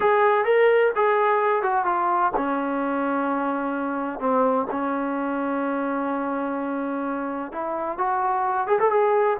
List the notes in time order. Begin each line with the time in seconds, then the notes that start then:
0.00 G#4
0.45 A#4
0.95 G#4
1.62 F#4
1.85 F4
2.36 C#4
4.19 C4
4.70 C#4
7.51 E4
7.98 F#4
8.67 G#4
8.79 A4
8.90 G#4